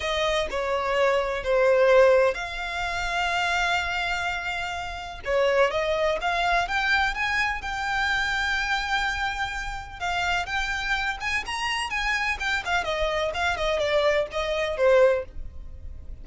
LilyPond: \new Staff \with { instrumentName = "violin" } { \time 4/4 \tempo 4 = 126 dis''4 cis''2 c''4~ | c''4 f''2.~ | f''2. cis''4 | dis''4 f''4 g''4 gis''4 |
g''1~ | g''4 f''4 g''4. gis''8 | ais''4 gis''4 g''8 f''8 dis''4 | f''8 dis''8 d''4 dis''4 c''4 | }